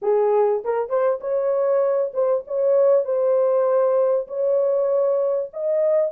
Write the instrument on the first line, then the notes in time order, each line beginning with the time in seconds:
horn
0.02 G#4
0.64 A#4
0.89 C5
1.20 C#5
2.13 C5
2.47 C#5
3.04 C5
4.27 C#5
5.53 D#5